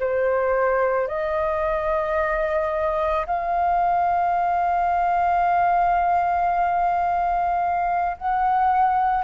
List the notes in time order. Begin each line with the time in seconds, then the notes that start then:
0.00 C5
1.08 D#5
3.27 F5
8.18 F#5